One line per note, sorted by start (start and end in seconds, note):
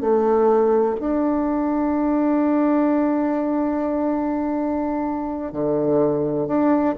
0.00 0.95 A3
1.00 5.52 D4
5.52 6.47 D3
6.47 6.95 D4